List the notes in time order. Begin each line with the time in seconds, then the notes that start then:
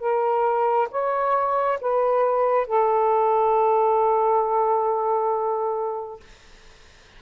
0.00 A#4
0.91 C#5
1.81 B4
2.68 A4